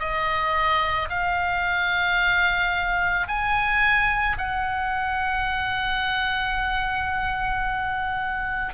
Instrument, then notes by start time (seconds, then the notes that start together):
oboe
0.00 D#5
1.10 F5
3.28 G#5
4.38 F#5